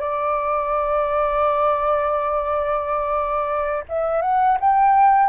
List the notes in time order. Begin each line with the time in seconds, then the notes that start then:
0.00 D5
3.89 E5
4.22 F#5
4.60 G5